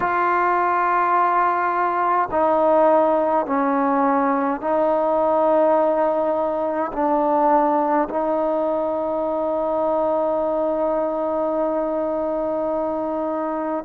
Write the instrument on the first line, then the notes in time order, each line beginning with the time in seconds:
trombone
0.00 F4
2.31 D#4
3.46 C#4
4.60 D#4
6.92 D4
8.09 D#4